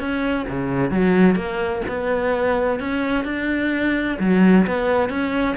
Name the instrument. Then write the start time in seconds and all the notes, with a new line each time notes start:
cello
0.00 C#4
0.49 C#3
0.91 F#3
1.36 A#3
1.89 B3
2.80 C#4
3.25 D4
4.20 F#3
4.67 B3
5.10 C#4